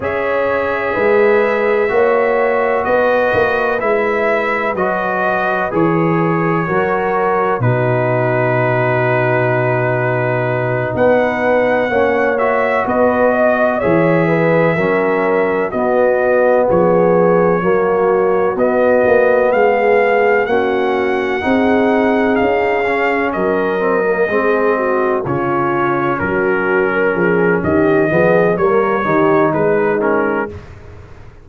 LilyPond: <<
  \new Staff \with { instrumentName = "trumpet" } { \time 4/4 \tempo 4 = 63 e''2. dis''4 | e''4 dis''4 cis''2 | b'2.~ b'8 fis''8~ | fis''4 e''8 dis''4 e''4.~ |
e''8 dis''4 cis''2 dis''8~ | dis''8 f''4 fis''2 f''8~ | f''8 dis''2 cis''4 ais'8~ | ais'4 dis''4 cis''4 b'8 ais'8 | }
  \new Staff \with { instrumentName = "horn" } { \time 4/4 cis''4 b'4 cis''4 b'4~ | b'2. ais'4 | fis'2.~ fis'8 b'8~ | b'8 cis''4 b'8 dis''8 cis''8 b'8 ais'8~ |
ais'8 fis'4 gis'4 fis'4.~ | fis'8 gis'4 fis'4 gis'4.~ | gis'8 ais'4 gis'8 fis'8 f'4 fis'8~ | fis'16 ais'16 gis'8 g'8 gis'8 ais'8 g'8 dis'4 | }
  \new Staff \with { instrumentName = "trombone" } { \time 4/4 gis'2 fis'2 | e'4 fis'4 gis'4 fis'4 | dis'1~ | dis'8 cis'8 fis'4. gis'4 cis'8~ |
cis'8 b2 ais4 b8~ | b4. cis'4 dis'4. | cis'4 c'16 ais16 c'4 cis'4.~ | cis'4. b8 ais8 dis'4 cis'8 | }
  \new Staff \with { instrumentName = "tuba" } { \time 4/4 cis'4 gis4 ais4 b8 ais8 | gis4 fis4 e4 fis4 | b,2.~ b,8 b8~ | b8 ais4 b4 e4 fis8~ |
fis8 b4 f4 fis4 b8 | ais8 gis4 ais4 c'4 cis'8~ | cis'8 fis4 gis4 cis4 fis8~ | fis8 f8 dis8 f8 g8 dis8 gis4 | }
>>